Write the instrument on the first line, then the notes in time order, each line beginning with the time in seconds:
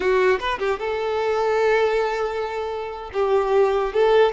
violin
0.00 F#4
0.39 B4
0.58 G4
0.79 A4
3.13 G4
3.93 A4